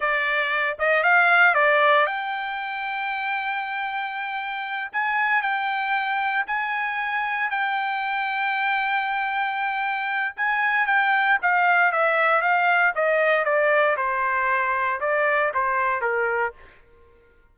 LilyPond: \new Staff \with { instrumentName = "trumpet" } { \time 4/4 \tempo 4 = 116 d''4. dis''8 f''4 d''4 | g''1~ | g''4. gis''4 g''4.~ | g''8 gis''2 g''4.~ |
g''1 | gis''4 g''4 f''4 e''4 | f''4 dis''4 d''4 c''4~ | c''4 d''4 c''4 ais'4 | }